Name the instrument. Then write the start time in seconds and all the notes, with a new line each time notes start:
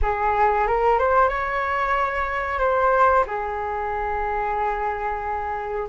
flute
0.02 G#4
0.67 A#4
0.98 C5
1.29 C#5
2.59 C5
3.26 G#4